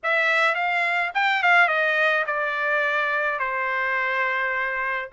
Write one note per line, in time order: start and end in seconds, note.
0.03 0.55 E5
0.55 1.11 F5
1.14 1.42 G5
1.42 1.68 F5
1.68 2.24 D#5
2.26 3.39 D5
3.39 5.09 C5